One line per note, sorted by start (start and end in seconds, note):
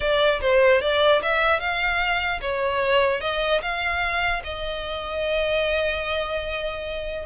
0.00 0.40 D5
0.40 0.81 C5
0.81 1.21 D5
1.22 1.60 E5
1.60 2.40 F5
2.41 3.20 C#5
3.20 3.61 D#5
3.61 4.42 F5
4.44 7.26 D#5